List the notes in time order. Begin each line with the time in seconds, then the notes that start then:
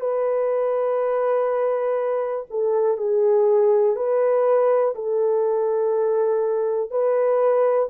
0.00 B4
2.50 A4
2.97 G#4
3.95 B4
4.95 A4
6.90 B4